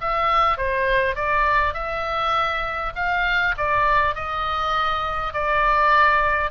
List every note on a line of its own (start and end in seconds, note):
0.00 0.57 E5
0.57 1.15 C5
1.15 1.73 D5
1.73 2.92 E5
2.95 3.55 F5
3.57 4.15 D5
4.15 5.33 D#5
5.33 6.50 D5